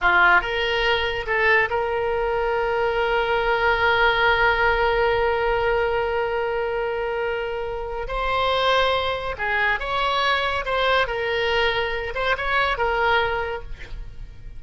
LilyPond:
\new Staff \with { instrumentName = "oboe" } { \time 4/4 \tempo 4 = 141 f'4 ais'2 a'4 | ais'1~ | ais'1~ | ais'1~ |
ais'2. c''4~ | c''2 gis'4 cis''4~ | cis''4 c''4 ais'2~ | ais'8 c''8 cis''4 ais'2 | }